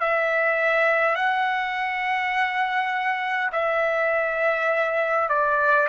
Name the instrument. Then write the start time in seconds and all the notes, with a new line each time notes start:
trumpet
0.00 E5
1.15 F#5
3.52 E5
5.28 D5